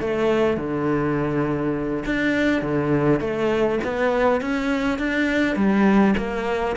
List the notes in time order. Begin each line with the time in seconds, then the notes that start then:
0.00 A3
0.57 D3
2.05 D4
2.61 D3
3.20 A3
3.84 B3
4.41 C#4
4.98 D4
5.56 G3
6.17 A#3